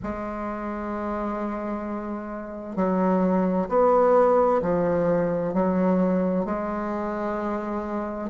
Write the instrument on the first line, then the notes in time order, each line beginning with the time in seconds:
bassoon
0.03 G#3
2.76 F#3
3.68 B3
4.62 F3
5.53 F#3
6.45 G#3